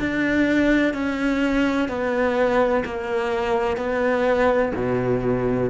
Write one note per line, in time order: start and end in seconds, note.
0.00 0.94 D4
0.94 1.89 C#4
1.89 2.84 B3
2.85 3.77 A#3
3.77 4.72 B3
4.75 5.71 B2